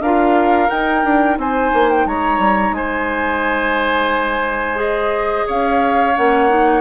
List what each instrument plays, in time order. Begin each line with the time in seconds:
0.00 bassoon D4, clarinet F4, oboe A#4, flute F5
0.69 clarinet D#4, bassoon D#4, flute G5
1.04 bassoon D4
1.37 bassoon C4, oboe C5, flute G#5
1.73 bassoon A#3
1.90 flute G5
2.06 bassoon G#3, oboe C#5, flute A#5
2.38 bassoon G3
2.71 bassoon G#3, oboe C5, flute G#5
4.76 clarinet G#4, flute D#5
5.46 bassoon C#4, oboe C#5, flute F5
6.15 bassoon A#3, clarinet C#4, flute F#5
6.49 clarinet D#4